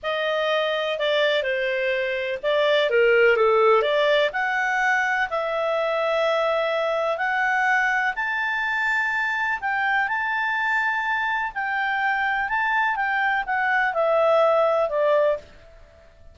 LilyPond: \new Staff \with { instrumentName = "clarinet" } { \time 4/4 \tempo 4 = 125 dis''2 d''4 c''4~ | c''4 d''4 ais'4 a'4 | d''4 fis''2 e''4~ | e''2. fis''4~ |
fis''4 a''2. | g''4 a''2. | g''2 a''4 g''4 | fis''4 e''2 d''4 | }